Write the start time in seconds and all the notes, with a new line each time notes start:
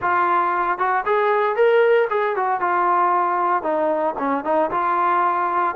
0.01 F4
0.78 F#4
1.05 G#4
1.55 A#4
2.10 G#4
2.35 F#4
2.60 F4
3.62 D#4
4.18 C#4
4.44 D#4
4.71 F4